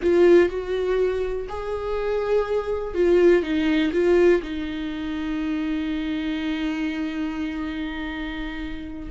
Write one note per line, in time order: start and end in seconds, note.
0.02 0.49 F4
0.49 1.47 F#4
1.48 2.94 G#4
2.94 3.42 F4
3.42 3.91 D#4
3.92 4.42 F4
4.42 9.09 D#4